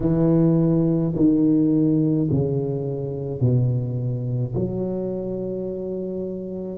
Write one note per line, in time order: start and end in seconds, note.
0.00 1.13 E3
1.15 2.28 D#3
2.31 3.40 C#3
3.40 4.53 B2
4.54 6.78 F#3